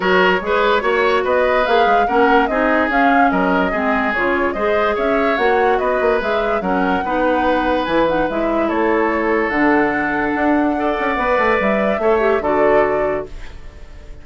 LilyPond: <<
  \new Staff \with { instrumentName = "flute" } { \time 4/4 \tempo 4 = 145 cis''2. dis''4 | f''4 fis''4 dis''4 f''4 | dis''2 cis''4 dis''4 | e''4 fis''4 dis''4 e''4 |
fis''2. gis''8 fis''8 | e''4 cis''2 fis''4~ | fis''1 | e''2 d''2 | }
  \new Staff \with { instrumentName = "oboe" } { \time 4/4 ais'4 b'4 cis''4 b'4~ | b'4 ais'4 gis'2 | ais'4 gis'2 c''4 | cis''2 b'2 |
ais'4 b'2.~ | b'4 a'2.~ | a'2 d''2~ | d''4 cis''4 a'2 | }
  \new Staff \with { instrumentName = "clarinet" } { \time 4/4 fis'4 gis'4 fis'2 | gis'4 cis'4 dis'4 cis'4~ | cis'4 c'4 f'4 gis'4~ | gis'4 fis'2 gis'4 |
cis'4 dis'2 e'8 dis'8 | e'2. d'4~ | d'2 a'4 b'4~ | b'4 a'8 g'8 fis'2 | }
  \new Staff \with { instrumentName = "bassoon" } { \time 4/4 fis4 gis4 ais4 b4 | ais8 gis8 ais4 c'4 cis'4 | fis4 gis4 cis4 gis4 | cis'4 ais4 b8 ais8 gis4 |
fis4 b2 e4 | gis4 a2 d4~ | d4 d'4. cis'8 b8 a8 | g4 a4 d2 | }
>>